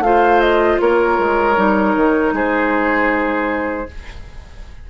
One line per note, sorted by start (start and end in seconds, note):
0.00 0.77 A3
0.00 1.56 F4
0.00 0.82 C5
0.00 0.41 F5
0.41 0.79 D#5
0.81 1.19 A#3
0.81 2.35 A#4
0.81 2.35 C#5
1.19 1.57 G#3
1.56 1.95 G3
1.56 3.86 D#4
1.95 2.33 D#3
2.33 3.87 G#3
2.33 3.88 G#4
2.33 3.90 C5